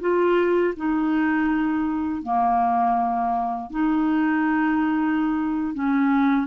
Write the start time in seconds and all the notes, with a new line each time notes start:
0.00 F4
0.76 D#4
2.23 A#3
3.70 D#4
5.74 C#4